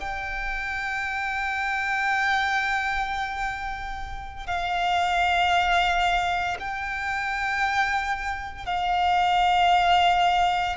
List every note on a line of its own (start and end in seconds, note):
0.00 4.46 G5
4.46 6.57 F5
6.59 8.66 G5
8.66 10.77 F5